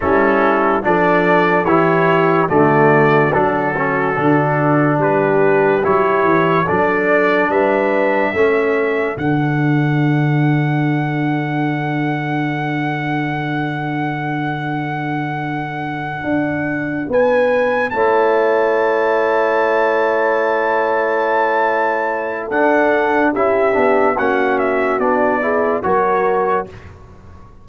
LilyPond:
<<
  \new Staff \with { instrumentName = "trumpet" } { \time 4/4 \tempo 4 = 72 a'4 d''4 cis''4 d''4 | a'2 b'4 cis''4 | d''4 e''2 fis''4~ | fis''1~ |
fis''1~ | fis''8 gis''4 a''2~ a''8~ | a''2. fis''4 | e''4 fis''8 e''8 d''4 cis''4 | }
  \new Staff \with { instrumentName = "horn" } { \time 4/4 e'4 a'4 g'4 fis'4~ | fis'2 g'2 | a'4 b'4 a'2~ | a'1~ |
a'1~ | a'8 b'4 cis''2~ cis''8~ | cis''2. a'4 | g'4 fis'4. gis'8 ais'4 | }
  \new Staff \with { instrumentName = "trombone" } { \time 4/4 cis'4 d'4 e'4 a4 | d'8 cis'8 d'2 e'4 | d'2 cis'4 d'4~ | d'1~ |
d'1~ | d'4. e'2~ e'8~ | e'2. d'4 | e'8 d'8 cis'4 d'8 e'8 fis'4 | }
  \new Staff \with { instrumentName = "tuba" } { \time 4/4 g4 f4 e4 d4 | fis4 d4 g4 fis8 e8 | fis4 g4 a4 d4~ | d1~ |
d2.~ d8 d'8~ | d'8 b4 a2~ a8~ | a2. d'4 | cis'8 b8 ais4 b4 fis4 | }
>>